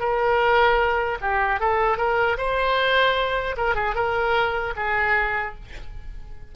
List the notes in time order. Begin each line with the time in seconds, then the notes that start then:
0.00 A#4
1.22 G4
1.60 A4
1.98 A#4
2.38 C5
3.57 A#4
3.75 G#4
3.95 A#4
4.77 G#4